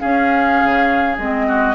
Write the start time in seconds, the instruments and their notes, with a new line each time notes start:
0.00 clarinet C#4, bassoon C#4, oboe G#4, flute F5
0.64 bassoon C#3
1.18 bassoon G#3, clarinet C4, flute D#5
1.48 oboe F#4